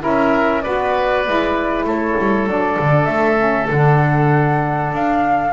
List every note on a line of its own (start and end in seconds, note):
0.00 0.65 C#4
0.00 0.61 E4
0.00 0.63 A#4
0.00 0.61 E5
0.61 1.27 B3
0.61 1.25 F#4
0.61 1.85 B4
0.61 1.84 D5
1.25 1.84 G#3
1.25 2.47 E4
1.84 2.15 A3
1.84 5.53 A4
1.84 2.48 C#5
2.18 2.46 G3
2.46 2.77 F#3
2.46 3.37 D4
2.46 3.05 D5
2.79 3.07 D3
3.05 3.68 A3
3.05 3.66 E5
3.37 3.68 C#4
3.70 4.92 D3
3.70 5.53 D4
3.70 4.93 F#5
4.92 5.53 D4
4.92 5.53 F5